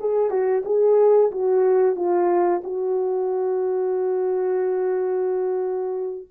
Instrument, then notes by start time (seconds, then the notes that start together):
horn
0.00 G#4
0.30 F#4
0.65 G#4
1.32 F#4
1.96 F4
2.64 F#4